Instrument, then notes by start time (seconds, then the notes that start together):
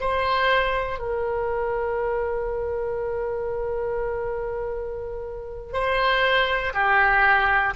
oboe
0.00 C5
0.99 A#4
5.73 C5
6.74 G4